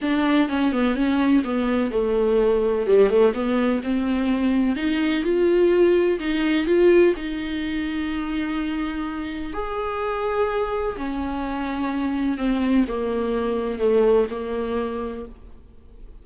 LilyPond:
\new Staff \with { instrumentName = "viola" } { \time 4/4 \tempo 4 = 126 d'4 cis'8 b8 cis'4 b4 | a2 g8 a8 b4 | c'2 dis'4 f'4~ | f'4 dis'4 f'4 dis'4~ |
dis'1 | gis'2. cis'4~ | cis'2 c'4 ais4~ | ais4 a4 ais2 | }